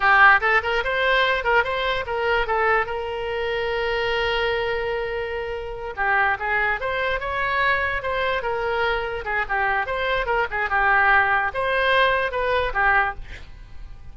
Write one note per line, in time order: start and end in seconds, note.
0.00 0.40 G4
0.41 0.61 A4
0.63 0.83 A#4
0.84 1.43 C5
1.43 1.63 A#4
1.63 2.05 C5
2.06 2.47 A#4
2.47 2.85 A4
2.85 5.94 A#4
5.96 6.37 G4
6.39 6.80 G#4
6.80 7.20 C5
7.20 8.02 C#5
8.02 8.42 C5
8.42 9.24 A#4
9.24 9.45 G#4
9.48 9.86 G4
9.86 10.26 C5
10.26 10.46 A#4
10.50 10.69 G#4
10.69 11.51 G4
11.54 12.31 C5
12.31 12.72 B4
12.73 13.15 G4